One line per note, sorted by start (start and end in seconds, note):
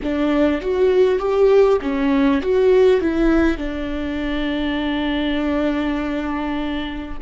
0.02 0.61 D4
0.61 1.18 F#4
1.18 1.78 G4
1.81 2.41 C#4
2.41 3.01 F#4
3.01 3.57 E4
3.57 7.17 D4